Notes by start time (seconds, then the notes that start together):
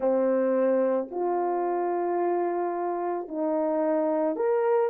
0.00 C4
1.11 F4
3.28 D#4
4.35 A#4